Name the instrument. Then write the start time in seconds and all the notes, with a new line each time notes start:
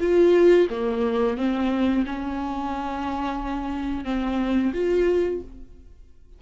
viola
0.00 F4
0.70 A#3
1.37 C4
2.06 C#4
4.04 C4
4.74 F4